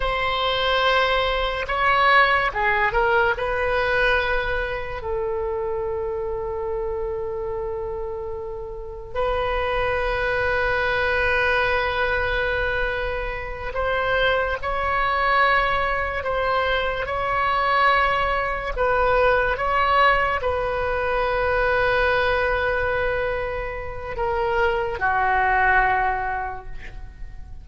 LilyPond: \new Staff \with { instrumentName = "oboe" } { \time 4/4 \tempo 4 = 72 c''2 cis''4 gis'8 ais'8 | b'2 a'2~ | a'2. b'4~ | b'1~ |
b'8 c''4 cis''2 c''8~ | c''8 cis''2 b'4 cis''8~ | cis''8 b'2.~ b'8~ | b'4 ais'4 fis'2 | }